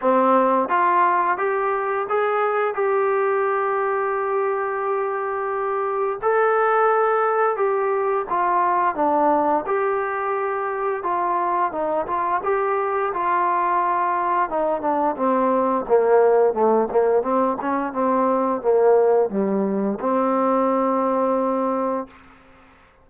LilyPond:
\new Staff \with { instrumentName = "trombone" } { \time 4/4 \tempo 4 = 87 c'4 f'4 g'4 gis'4 | g'1~ | g'4 a'2 g'4 | f'4 d'4 g'2 |
f'4 dis'8 f'8 g'4 f'4~ | f'4 dis'8 d'8 c'4 ais4 | a8 ais8 c'8 cis'8 c'4 ais4 | g4 c'2. | }